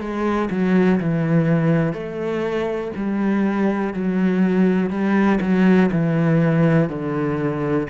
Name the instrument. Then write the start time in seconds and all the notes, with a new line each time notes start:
cello
0.00 G#3
0.50 F#3
1.00 E3
1.93 A3
2.96 G3
3.93 F#3
4.90 G3
5.41 F#3
5.92 E3
6.89 D3